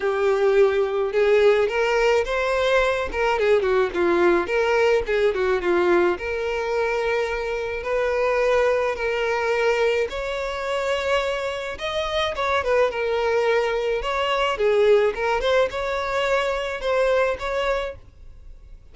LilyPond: \new Staff \with { instrumentName = "violin" } { \time 4/4 \tempo 4 = 107 g'2 gis'4 ais'4 | c''4. ais'8 gis'8 fis'8 f'4 | ais'4 gis'8 fis'8 f'4 ais'4~ | ais'2 b'2 |
ais'2 cis''2~ | cis''4 dis''4 cis''8 b'8 ais'4~ | ais'4 cis''4 gis'4 ais'8 c''8 | cis''2 c''4 cis''4 | }